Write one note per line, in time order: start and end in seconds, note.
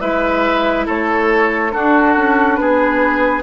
0.00 0.87 G#3
0.00 1.72 E4
0.00 0.86 B4
0.00 0.86 E5
0.86 1.74 A3
0.86 1.71 A4
0.86 1.72 C#5
1.72 3.43 D4
1.72 2.16 D4
1.72 2.59 F#4
1.72 2.56 A4
2.16 2.59 C#4
2.56 3.43 B3
2.56 3.43 G#4
2.56 3.41 B4